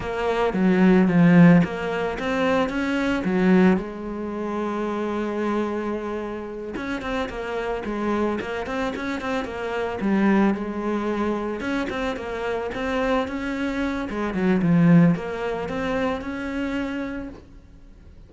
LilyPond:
\new Staff \with { instrumentName = "cello" } { \time 4/4 \tempo 4 = 111 ais4 fis4 f4 ais4 | c'4 cis'4 fis4 gis4~ | gis1~ | gis8 cis'8 c'8 ais4 gis4 ais8 |
c'8 cis'8 c'8 ais4 g4 gis8~ | gis4. cis'8 c'8 ais4 c'8~ | c'8 cis'4. gis8 fis8 f4 | ais4 c'4 cis'2 | }